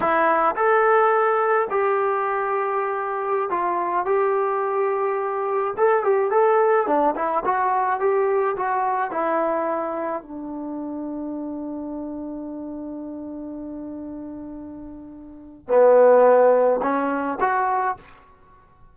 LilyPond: \new Staff \with { instrumentName = "trombone" } { \time 4/4 \tempo 4 = 107 e'4 a'2 g'4~ | g'2~ g'16 f'4 g'8.~ | g'2~ g'16 a'8 g'8 a'8.~ | a'16 d'8 e'8 fis'4 g'4 fis'8.~ |
fis'16 e'2 d'4.~ d'16~ | d'1~ | d'1 | b2 cis'4 fis'4 | }